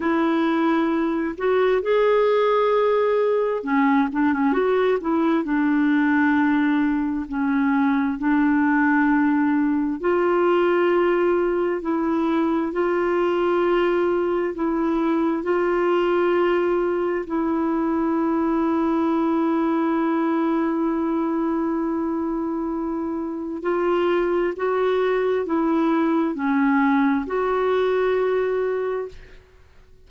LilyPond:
\new Staff \with { instrumentName = "clarinet" } { \time 4/4 \tempo 4 = 66 e'4. fis'8 gis'2 | cis'8 d'16 cis'16 fis'8 e'8 d'2 | cis'4 d'2 f'4~ | f'4 e'4 f'2 |
e'4 f'2 e'4~ | e'1~ | e'2 f'4 fis'4 | e'4 cis'4 fis'2 | }